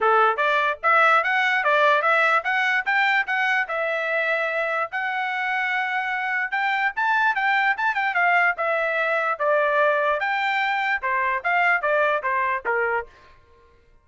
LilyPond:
\new Staff \with { instrumentName = "trumpet" } { \time 4/4 \tempo 4 = 147 a'4 d''4 e''4 fis''4 | d''4 e''4 fis''4 g''4 | fis''4 e''2. | fis''1 |
g''4 a''4 g''4 a''8 g''8 | f''4 e''2 d''4~ | d''4 g''2 c''4 | f''4 d''4 c''4 ais'4 | }